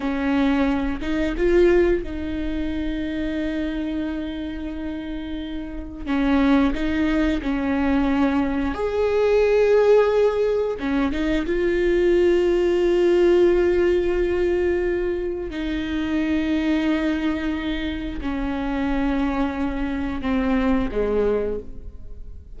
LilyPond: \new Staff \with { instrumentName = "viola" } { \time 4/4 \tempo 4 = 89 cis'4. dis'8 f'4 dis'4~ | dis'1~ | dis'4 cis'4 dis'4 cis'4~ | cis'4 gis'2. |
cis'8 dis'8 f'2.~ | f'2. dis'4~ | dis'2. cis'4~ | cis'2 c'4 gis4 | }